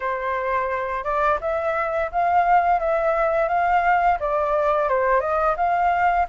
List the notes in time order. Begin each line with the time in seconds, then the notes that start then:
0.00 C5
1.03 D5
1.40 E5
2.11 F5
2.79 E5
3.48 F5
4.19 D5
4.88 C5
5.20 D#5
5.56 F5